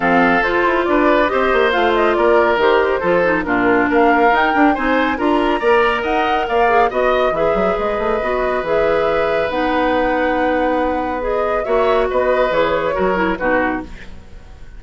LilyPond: <<
  \new Staff \with { instrumentName = "flute" } { \time 4/4 \tempo 4 = 139 f''4 c''4 d''4 dis''4 | f''8 dis''8 d''4 c''2 | ais'4 f''4 g''4 gis''4 | ais''2 fis''4 f''4 |
dis''4 e''4 dis''2 | e''2 fis''2~ | fis''2 dis''4 e''4 | dis''4 cis''2 b'4 | }
  \new Staff \with { instrumentName = "oboe" } { \time 4/4 a'2 b'4 c''4~ | c''4 ais'2 a'4 | f'4 ais'2 c''4 | ais'4 d''4 dis''4 d''4 |
dis''4 b'2.~ | b'1~ | b'2. cis''4 | b'2 ais'4 fis'4 | }
  \new Staff \with { instrumentName = "clarinet" } { \time 4/4 c'4 f'2 g'4 | f'2 g'4 f'8 dis'8 | d'2 dis'8 d'8 dis'4 | f'4 ais'2~ ais'8 gis'8 |
fis'4 gis'2 fis'4 | gis'2 dis'2~ | dis'2 gis'4 fis'4~ | fis'4 gis'4 fis'8 e'8 dis'4 | }
  \new Staff \with { instrumentName = "bassoon" } { \time 4/4 f4 f'8 e'8 d'4 c'8 ais8 | a4 ais4 dis4 f4 | ais,4 ais4 dis'8 d'8 c'4 | d'4 ais4 dis'4 ais4 |
b4 e8 fis8 gis8 a8 b4 | e2 b2~ | b2. ais4 | b4 e4 fis4 b,4 | }
>>